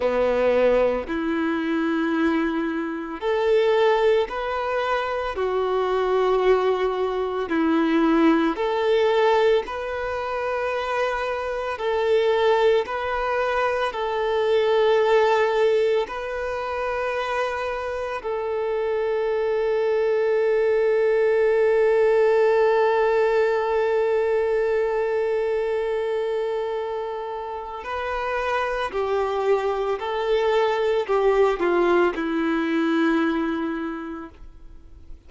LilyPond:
\new Staff \with { instrumentName = "violin" } { \time 4/4 \tempo 4 = 56 b4 e'2 a'4 | b'4 fis'2 e'4 | a'4 b'2 a'4 | b'4 a'2 b'4~ |
b'4 a'2.~ | a'1~ | a'2 b'4 g'4 | a'4 g'8 f'8 e'2 | }